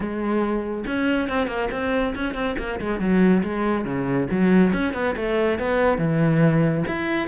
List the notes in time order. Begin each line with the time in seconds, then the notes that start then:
0.00 G#3
0.86 C#4
1.29 C4
1.47 A#3
1.71 C4
2.15 C#4
2.34 C4
2.58 A#3
2.80 G#3
3.00 F#3
3.43 G#3
3.84 C#3
4.31 F#3
4.72 C#4
4.93 B3
5.16 A3
5.59 B3
5.98 E3
6.87 E4